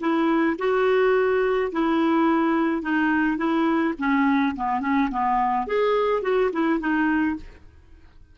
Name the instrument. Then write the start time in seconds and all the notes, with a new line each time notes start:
clarinet
0.00 E4
0.59 F#4
1.72 E4
2.82 D#4
3.38 E4
3.99 C#4
4.56 B3
4.80 C#4
5.11 B3
5.67 G#4
6.22 F#4
6.52 E4
6.80 D#4